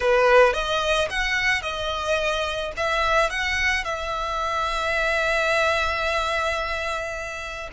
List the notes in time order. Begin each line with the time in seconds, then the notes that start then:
0.00 B4
0.53 D#5
1.10 F#5
1.62 D#5
2.76 E5
3.30 F#5
3.84 E5